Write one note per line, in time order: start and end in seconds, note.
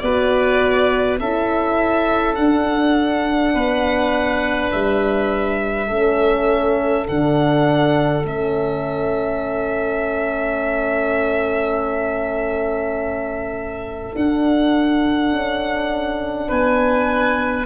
0.00 1.20 B3
0.00 1.21 F#4
0.00 1.21 B4
0.00 1.18 D5
1.20 2.37 C#4
1.20 2.38 E4
1.20 3.54 A4
1.20 2.35 E5
2.35 3.55 D4
2.35 5.90 D4
2.35 4.71 F#5
3.54 4.73 B3
3.54 5.87 B4
4.72 5.90 G3
4.72 7.07 E5
5.87 7.07 A3
5.87 7.08 C#4
5.87 16.46 A4
7.08 8.25 D3
7.08 8.25 D4
7.08 8.26 F#5
8.25 14.13 A3
8.25 14.16 C#4
8.25 14.16 E5
14.16 17.66 D4
14.16 15.33 D4
14.16 16.51 F#5
15.33 16.50 C#4
16.49 17.66 B3
16.49 17.66 B4
16.49 17.66 G#5